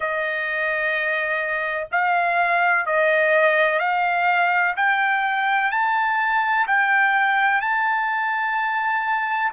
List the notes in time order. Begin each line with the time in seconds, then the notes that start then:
0.00 D#5
1.91 F5
2.86 D#5
3.79 F5
4.76 G5
5.71 A5
6.67 G5
7.61 A5